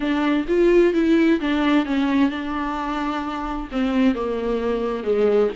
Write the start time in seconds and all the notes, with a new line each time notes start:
0.00 D4
0.48 F4
0.93 E4
1.40 D4
1.85 C#4
2.30 D4
3.71 C4
4.14 A#3
5.03 G#3